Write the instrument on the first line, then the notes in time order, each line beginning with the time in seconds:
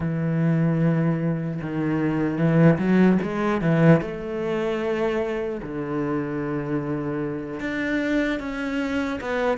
cello
0.00 E3
1.61 D#3
2.37 E3
2.78 F#3
3.22 G#3
3.61 E3
4.01 A3
5.62 D3
7.60 D4
8.39 C#4
9.20 B3